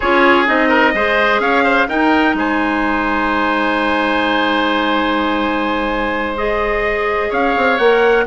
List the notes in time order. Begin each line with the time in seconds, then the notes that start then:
0.00 C#4 F4 G#4 C#5
0.45 C4 D#4 D#5
0.68 A#4
0.93 G#3 G#4 C5
1.39 C#4 C#5 F5
1.63 C5
1.87 D#4 A#4 G5
2.34 G#3 C5 G#5
6.37 G#4 D#5
7.29 C#4 C#5 F5
7.56 C4
7.78 A#3 A#4 F#5